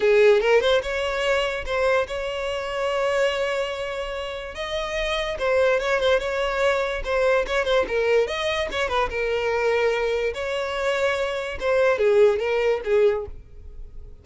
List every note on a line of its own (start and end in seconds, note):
0.00 0.40 G#4
0.40 0.60 A#4
0.60 0.81 C5
0.82 1.65 C#5
1.65 2.07 C5
2.07 4.54 C#5
4.54 5.37 D#5
5.38 5.79 C5
5.79 5.99 C#5
5.99 6.19 C5
6.19 7.02 C#5
7.04 7.45 C5
7.46 7.65 C#5
7.65 7.85 C5
7.88 8.27 A#4
8.27 8.68 D#5
8.71 8.88 C#5
8.88 9.09 B4
9.09 10.33 A#4
10.34 11.58 C#5
11.60 11.98 C5
11.98 12.39 G#4
12.39 12.80 A#4
12.84 13.25 G#4